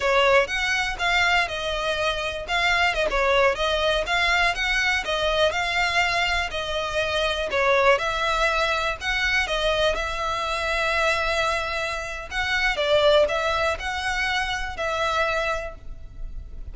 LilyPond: \new Staff \with { instrumentName = "violin" } { \time 4/4 \tempo 4 = 122 cis''4 fis''4 f''4 dis''4~ | dis''4 f''4 dis''16 cis''4 dis''8.~ | dis''16 f''4 fis''4 dis''4 f''8.~ | f''4~ f''16 dis''2 cis''8.~ |
cis''16 e''2 fis''4 dis''8.~ | dis''16 e''2.~ e''8.~ | e''4 fis''4 d''4 e''4 | fis''2 e''2 | }